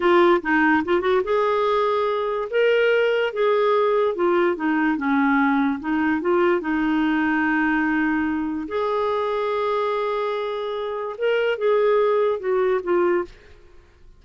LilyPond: \new Staff \with { instrumentName = "clarinet" } { \time 4/4 \tempo 4 = 145 f'4 dis'4 f'8 fis'8 gis'4~ | gis'2 ais'2 | gis'2 f'4 dis'4 | cis'2 dis'4 f'4 |
dis'1~ | dis'4 gis'2.~ | gis'2. ais'4 | gis'2 fis'4 f'4 | }